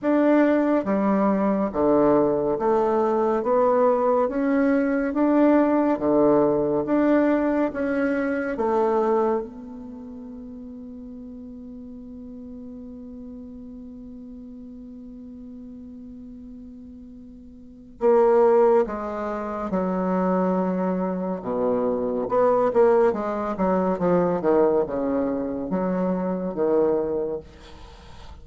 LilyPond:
\new Staff \with { instrumentName = "bassoon" } { \time 4/4 \tempo 4 = 70 d'4 g4 d4 a4 | b4 cis'4 d'4 d4 | d'4 cis'4 a4 b4~ | b1~ |
b1~ | b4 ais4 gis4 fis4~ | fis4 b,4 b8 ais8 gis8 fis8 | f8 dis8 cis4 fis4 dis4 | }